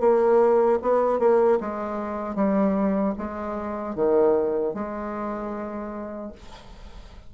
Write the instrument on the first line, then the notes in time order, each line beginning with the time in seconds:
bassoon
0.00 A#3
0.82 B3
1.19 A#3
1.60 G#3
2.35 G3
3.18 G#3
3.95 D#3
4.74 G#3